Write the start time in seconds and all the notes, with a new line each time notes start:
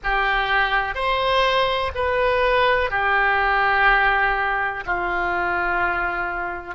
0.03 G4
0.95 C5
1.94 B4
2.90 G4
4.86 F4